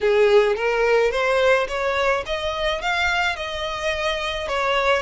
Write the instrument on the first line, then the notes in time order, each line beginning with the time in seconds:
violin
0.01 G#4
0.56 A#4
1.11 C5
1.67 C#5
2.26 D#5
2.81 F5
3.35 D#5
4.48 C#5